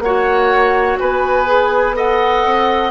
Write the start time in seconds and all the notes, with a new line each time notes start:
0.00 A#3 C#5 F#5
0.06 F#4
0.99 B3 B4 G#5
1.46 G#4
1.94 A4 D#5 F#5
2.46 C4